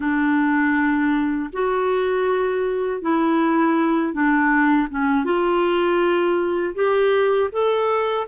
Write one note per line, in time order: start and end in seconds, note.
0.00 1.50 D4
1.52 3.01 F#4
3.01 4.12 E4
4.12 4.88 D4
4.90 5.24 C#4
5.24 6.74 F4
6.75 7.50 G4
7.52 8.27 A4